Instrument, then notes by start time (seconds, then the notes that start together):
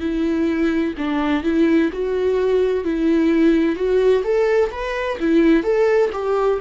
viola
0.00 E4
0.97 D4
1.43 E4
1.93 F#4
2.84 E4
3.75 F#4
4.23 A4
4.71 B4
5.19 E4
5.63 A4
6.12 G4